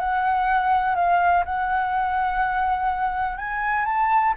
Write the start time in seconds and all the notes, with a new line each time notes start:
0.00 F#5
0.96 F5
1.45 F#5
3.38 G#5
3.85 A5